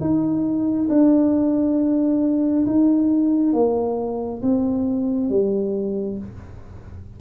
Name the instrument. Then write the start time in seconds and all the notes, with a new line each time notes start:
tuba
0.00 D#4
0.89 D4
2.66 D#4
3.53 A#3
4.42 C4
5.29 G3